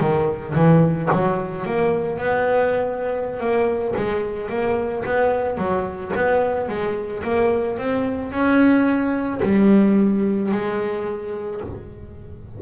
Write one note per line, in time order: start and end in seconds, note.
0.00 0.55 D#3
0.55 1.09 E3
1.13 1.66 F#3
1.66 2.18 A#3
2.18 3.40 B3
3.40 3.94 A#3
3.96 4.50 G#3
4.50 5.04 A#3
5.05 5.58 B3
5.58 6.12 F#3
6.16 6.68 B3
6.68 7.23 G#3
7.23 7.78 A#3
7.78 8.32 C4
8.32 9.41 C#4
9.43 10.51 G3
10.51 11.61 G#3